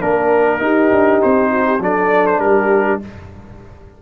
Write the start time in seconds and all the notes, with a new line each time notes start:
0.00 A#3 D4 A#4
0.59 D#4 G4
0.91 D4
1.22 C4 C5
1.50 F#4
1.66 G4
1.79 F#3 D4 A4 D5
2.26 C5
2.39 G3 G4 A#4